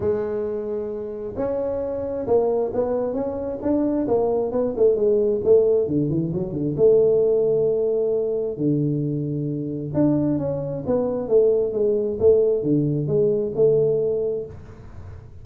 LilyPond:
\new Staff \with { instrumentName = "tuba" } { \time 4/4 \tempo 4 = 133 gis2. cis'4~ | cis'4 ais4 b4 cis'4 | d'4 ais4 b8 a8 gis4 | a4 d8 e8 fis8 d8 a4~ |
a2. d4~ | d2 d'4 cis'4 | b4 a4 gis4 a4 | d4 gis4 a2 | }